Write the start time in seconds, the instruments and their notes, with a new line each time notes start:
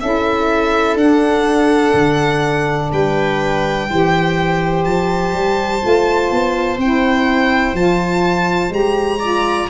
0.00 tuba C#4, saxophone E4, viola A4, violin E5
0.95 tuba D4, saxophone D4, violin F#5
1.93 tuba D3
2.92 tuba G3, viola B4, violin G5
3.89 tuba E3, saxophone G4, viola C5
4.84 tuba F3, violin A5
5.33 tuba G3
5.80 tuba A3, saxophone F4
6.31 tuba B3
6.77 tuba C4, saxophone E4, violin G5
7.73 tuba F3, saxophone F4, violin A5
8.69 tuba G#3, saxophone G4, violin A#5
9.19 saxophone F4, viola D5